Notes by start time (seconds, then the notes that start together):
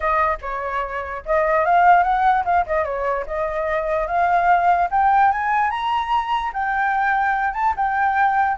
0.00 D#5
0.41 C#5
1.25 D#5
1.65 F5
2.03 F#5
2.45 F5
2.66 D#5
2.84 C#5
3.26 D#5
4.07 F5
4.90 G5
5.31 G#5
5.70 A#5
6.53 G5
7.53 A5
7.76 G5